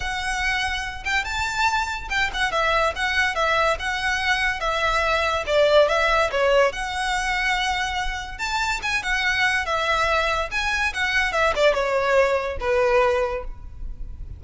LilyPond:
\new Staff \with { instrumentName = "violin" } { \time 4/4 \tempo 4 = 143 fis''2~ fis''8 g''8 a''4~ | a''4 g''8 fis''8 e''4 fis''4 | e''4 fis''2 e''4~ | e''4 d''4 e''4 cis''4 |
fis''1 | a''4 gis''8 fis''4. e''4~ | e''4 gis''4 fis''4 e''8 d''8 | cis''2 b'2 | }